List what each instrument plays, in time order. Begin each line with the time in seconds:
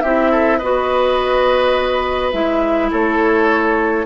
0.00 bassoon C4, clarinet E4, oboe G4, flute E5
0.31 oboe A4
0.58 bassoon B3, clarinet F#4, oboe B4, flute D#5
2.32 bassoon G#3, clarinet E4, flute E5
2.91 bassoon A3, oboe A4, flute C#5